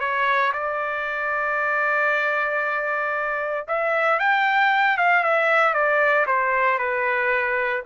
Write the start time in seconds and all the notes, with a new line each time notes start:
0.00 C#5
0.53 D5
3.68 E5
4.20 G5
4.97 F5
5.23 E5
5.74 D5
6.27 C5
6.79 B4